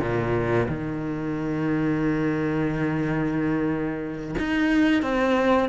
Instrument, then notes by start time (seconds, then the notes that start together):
cello
0.00 A#2
0.68 D#3
4.38 D#4
5.02 C4